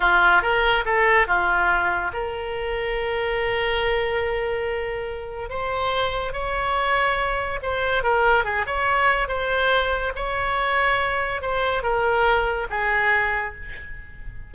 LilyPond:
\new Staff \with { instrumentName = "oboe" } { \time 4/4 \tempo 4 = 142 f'4 ais'4 a'4 f'4~ | f'4 ais'2.~ | ais'1~ | ais'4 c''2 cis''4~ |
cis''2 c''4 ais'4 | gis'8 cis''4. c''2 | cis''2. c''4 | ais'2 gis'2 | }